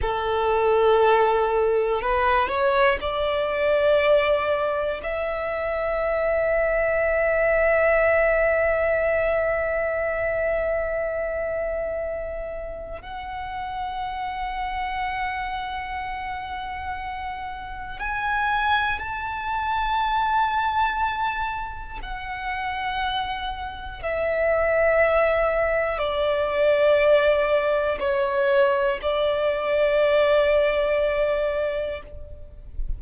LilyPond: \new Staff \with { instrumentName = "violin" } { \time 4/4 \tempo 4 = 60 a'2 b'8 cis''8 d''4~ | d''4 e''2.~ | e''1~ | e''4 fis''2.~ |
fis''2 gis''4 a''4~ | a''2 fis''2 | e''2 d''2 | cis''4 d''2. | }